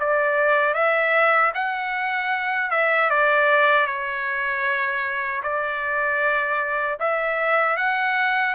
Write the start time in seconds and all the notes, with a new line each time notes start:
0.00 D5
0.74 E5
1.55 F#5
2.71 E5
3.10 D5
3.86 C#5
5.43 D5
7.00 E5
7.77 F#5